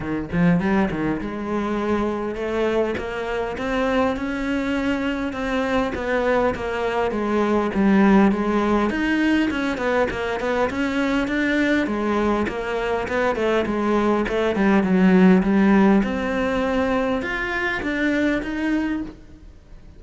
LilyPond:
\new Staff \with { instrumentName = "cello" } { \time 4/4 \tempo 4 = 101 dis8 f8 g8 dis8 gis2 | a4 ais4 c'4 cis'4~ | cis'4 c'4 b4 ais4 | gis4 g4 gis4 dis'4 |
cis'8 b8 ais8 b8 cis'4 d'4 | gis4 ais4 b8 a8 gis4 | a8 g8 fis4 g4 c'4~ | c'4 f'4 d'4 dis'4 | }